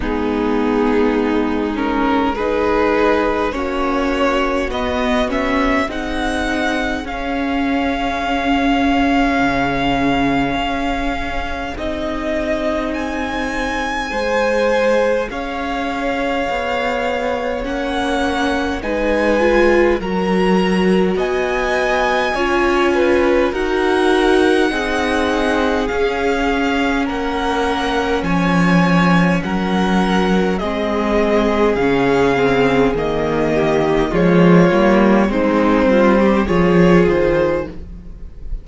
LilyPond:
<<
  \new Staff \with { instrumentName = "violin" } { \time 4/4 \tempo 4 = 51 gis'4. ais'8 b'4 cis''4 | dis''8 e''8 fis''4 f''2~ | f''2 dis''4 gis''4~ | gis''4 f''2 fis''4 |
gis''4 ais''4 gis''2 | fis''2 f''4 fis''4 | gis''4 fis''4 dis''4 f''4 | dis''4 cis''4 c''4 cis''8 c''8 | }
  \new Staff \with { instrumentName = "violin" } { \time 4/4 dis'2 gis'4 fis'4~ | fis'4 gis'2.~ | gis'1 | c''4 cis''2. |
b'4 ais'4 dis''4 cis''8 b'8 | ais'4 gis'2 ais'4 | cis''4 ais'4 gis'2~ | gis'8 g'8 f'4 dis'8 f'16 g'16 gis'4 | }
  \new Staff \with { instrumentName = "viola" } { \time 4/4 b4. cis'8 dis'4 cis'4 | b8 cis'8 dis'4 cis'2~ | cis'2 dis'2 | gis'2. cis'4 |
dis'8 f'8 fis'2 f'4 | fis'4 dis'4 cis'2~ | cis'2 c'4 cis'8 c'8 | ais4 gis8 ais8 c'4 f'4 | }
  \new Staff \with { instrumentName = "cello" } { \time 4/4 gis2. ais4 | b4 c'4 cis'2 | cis4 cis'4 c'2 | gis4 cis'4 b4 ais4 |
gis4 fis4 b4 cis'4 | dis'4 c'4 cis'4 ais4 | f4 fis4 gis4 cis4 | dis4 f8 g8 gis8 g8 f8 dis8 | }
>>